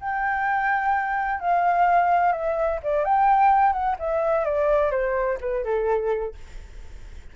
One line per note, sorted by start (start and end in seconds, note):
0.00 1.40 G5
1.40 2.32 F5
2.32 2.79 E5
2.83 3.04 D5
3.04 3.72 G5
3.72 3.96 F#5
3.98 4.45 E5
4.45 4.90 D5
4.90 5.37 C5
5.40 5.64 B4
5.64 6.34 A4